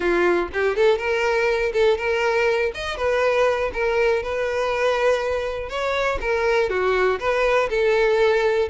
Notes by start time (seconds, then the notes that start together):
0.00 F4
0.53 G4
0.76 A4
0.98 A#4
1.73 A4
1.97 A#4
2.74 D#5
2.96 B4
3.73 A#4
4.23 B4
5.69 C#5
6.21 A#4
6.69 F#4
7.19 B4
7.69 A4